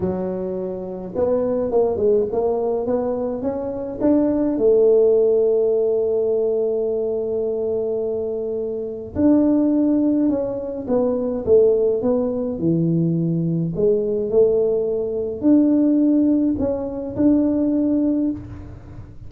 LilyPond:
\new Staff \with { instrumentName = "tuba" } { \time 4/4 \tempo 4 = 105 fis2 b4 ais8 gis8 | ais4 b4 cis'4 d'4 | a1~ | a1 |
d'2 cis'4 b4 | a4 b4 e2 | gis4 a2 d'4~ | d'4 cis'4 d'2 | }